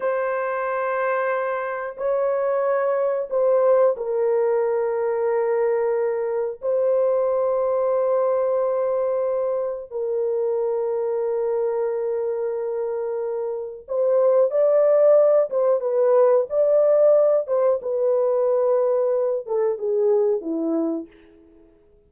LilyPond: \new Staff \with { instrumentName = "horn" } { \time 4/4 \tempo 4 = 91 c''2. cis''4~ | cis''4 c''4 ais'2~ | ais'2 c''2~ | c''2. ais'4~ |
ais'1~ | ais'4 c''4 d''4. c''8 | b'4 d''4. c''8 b'4~ | b'4. a'8 gis'4 e'4 | }